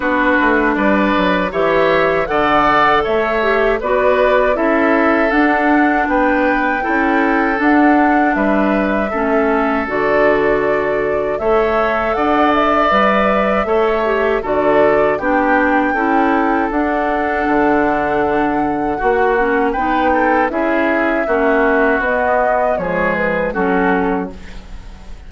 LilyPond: <<
  \new Staff \with { instrumentName = "flute" } { \time 4/4 \tempo 4 = 79 b'4 d''4 e''4 fis''4 | e''4 d''4 e''4 fis''4 | g''2 fis''4 e''4~ | e''4 d''2 e''4 |
fis''8 e''2~ e''8 d''4 | g''2 fis''2~ | fis''2 g''4 e''4~ | e''4 dis''4 cis''8 b'8 a'4 | }
  \new Staff \with { instrumentName = "oboe" } { \time 4/4 fis'4 b'4 cis''4 d''4 | cis''4 b'4 a'2 | b'4 a'2 b'4 | a'2. cis''4 |
d''2 cis''4 a'4 | g'4 a'2.~ | a'4 fis'4 b'8 a'8 gis'4 | fis'2 gis'4 fis'4 | }
  \new Staff \with { instrumentName = "clarinet" } { \time 4/4 d'2 g'4 a'4~ | a'8 g'8 fis'4 e'4 d'4~ | d'4 e'4 d'2 | cis'4 fis'2 a'4~ |
a'4 b'4 a'8 g'8 fis'4 | d'4 e'4 d'2~ | d'4 fis'8 cis'8 dis'4 e'4 | cis'4 b4 gis4 cis'4 | }
  \new Staff \with { instrumentName = "bassoon" } { \time 4/4 b8 a8 g8 fis8 e4 d4 | a4 b4 cis'4 d'4 | b4 cis'4 d'4 g4 | a4 d2 a4 |
d'4 g4 a4 d4 | b4 cis'4 d'4 d4~ | d4 ais4 b4 cis'4 | ais4 b4 f4 fis4 | }
>>